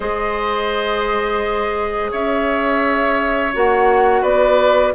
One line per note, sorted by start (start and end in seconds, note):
0.00 2.12 G#3
0.00 3.50 G#4
0.00 2.11 C5
0.00 2.11 D#5
2.11 3.53 C#4
2.11 4.21 C#5
2.11 3.54 E5
3.53 4.22 A#3
3.53 4.94 F#4
3.53 4.23 F#5
4.21 4.92 B3
4.21 4.92 B4
4.21 4.93 D5